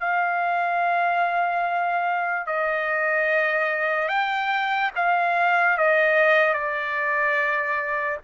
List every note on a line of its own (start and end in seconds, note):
0.00 2.46 F5
2.46 4.09 D#5
4.09 4.91 G5
4.96 5.78 F5
5.78 6.54 D#5
6.54 8.18 D5